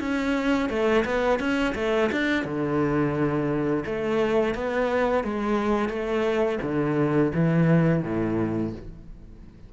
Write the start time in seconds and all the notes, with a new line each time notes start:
0.00 C#4
0.70 A3
1.05 B3
1.40 C#4
1.75 A3
2.12 D4
2.45 D3
3.86 A3
4.55 B3
5.24 G#3
5.89 A3
6.62 D3
7.34 E3
8.03 A2